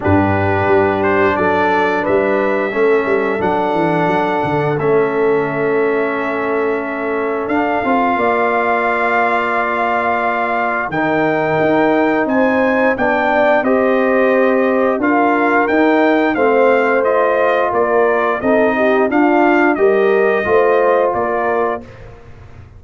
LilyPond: <<
  \new Staff \with { instrumentName = "trumpet" } { \time 4/4 \tempo 4 = 88 b'4. c''8 d''4 e''4~ | e''4 fis''2 e''4~ | e''2. f''4~ | f''1 |
g''2 gis''4 g''4 | dis''2 f''4 g''4 | f''4 dis''4 d''4 dis''4 | f''4 dis''2 d''4 | }
  \new Staff \with { instrumentName = "horn" } { \time 4/4 g'2 a'4 b'4 | a'1~ | a'1 | d''1 |
ais'2 c''4 d''4 | c''2 ais'2 | c''2 ais'4 a'8 g'8 | f'4 ais'4 c''4 ais'4 | }
  \new Staff \with { instrumentName = "trombone" } { \time 4/4 d'1 | cis'4 d'2 cis'4~ | cis'2. d'8 f'8~ | f'1 |
dis'2. d'4 | g'2 f'4 dis'4 | c'4 f'2 dis'4 | d'4 g'4 f'2 | }
  \new Staff \with { instrumentName = "tuba" } { \time 4/4 g,4 g4 fis4 g4 | a8 g8 fis8 e8 fis8 d8 a4~ | a2. d'8 c'8 | ais1 |
dis4 dis'4 c'4 b4 | c'2 d'4 dis'4 | a2 ais4 c'4 | d'4 g4 a4 ais4 | }
>>